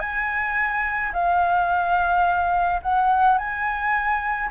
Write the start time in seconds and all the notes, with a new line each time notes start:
0.00 G#5
1.13 F5
2.82 F#5
3.38 G#5